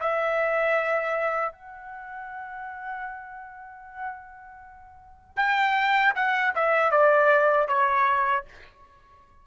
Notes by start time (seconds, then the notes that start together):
0.00 E5
1.52 F#5
5.37 G5
6.15 F#5
6.56 E5
6.91 D5
7.68 C#5